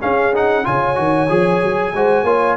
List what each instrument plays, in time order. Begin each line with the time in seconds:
0.00 trombone C#4, tuba C#4, horn G#4, trumpet F5
0.35 trombone D#4, trumpet F#5
0.64 tuba C#3, trombone F4, horn C#5, trumpet G#5
0.96 tuba D#3, trombone F#4
1.30 tuba F3, trombone G#4
1.64 tuba F#3
1.94 tuba G#3, trombone F#4, horn C5
2.24 tuba A#3, trombone F4, horn C#5